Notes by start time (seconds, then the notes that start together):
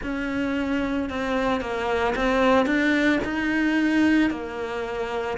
0.02 C#4
1.09 C4
1.60 A#3
2.15 C4
2.65 D4
3.24 D#4
4.30 A#3